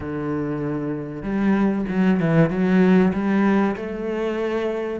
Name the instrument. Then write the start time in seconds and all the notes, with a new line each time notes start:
cello
0.00 D3
1.22 G3
1.88 F#3
2.20 E3
2.49 F#3
3.13 G3
3.76 A3